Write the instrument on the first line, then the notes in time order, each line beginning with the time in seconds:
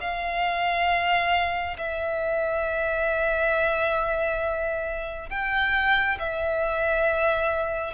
violin
0.00 F5
1.77 E5
5.29 G5
6.19 E5